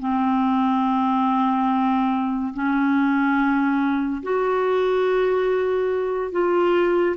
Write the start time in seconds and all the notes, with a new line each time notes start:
0.00 C4
2.54 C#4
4.23 F#4
6.32 F4